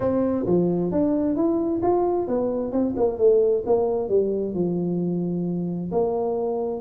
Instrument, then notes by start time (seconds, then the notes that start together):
tuba
0.00 C4
0.45 F3
0.91 D4
1.36 E4
1.82 F4
2.27 B3
2.71 C4
2.96 A#3
3.18 A3
3.65 A#3
4.08 G3
4.54 F3
5.91 A#3